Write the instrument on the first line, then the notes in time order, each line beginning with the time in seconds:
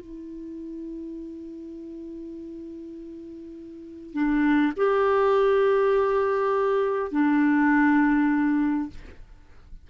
clarinet
0.00 E4
4.13 D4
4.76 G4
7.11 D4